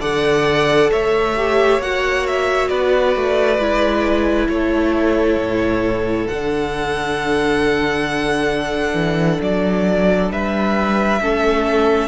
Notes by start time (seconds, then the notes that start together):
0.00 D3 A4 D5 F#5
0.91 A3 C#5 E5
1.37 G4
1.79 A#3 F#4 F#5
2.27 E5
2.68 B3 B4 D5
3.16 A3
3.59 G#3 E4
4.49 A3 A4 C#5
5.37 A2
6.28 D3 D4 F#5
8.93 E3
9.42 F#3 D5
10.31 G3 B4 E5
11.21 A3 C#4 A4